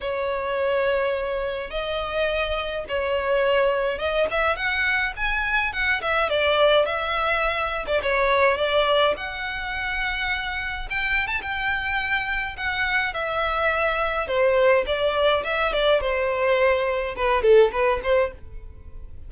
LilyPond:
\new Staff \with { instrumentName = "violin" } { \time 4/4 \tempo 4 = 105 cis''2. dis''4~ | dis''4 cis''2 dis''8 e''8 | fis''4 gis''4 fis''8 e''8 d''4 | e''4.~ e''16 d''16 cis''4 d''4 |
fis''2. g''8. a''16 | g''2 fis''4 e''4~ | e''4 c''4 d''4 e''8 d''8 | c''2 b'8 a'8 b'8 c''8 | }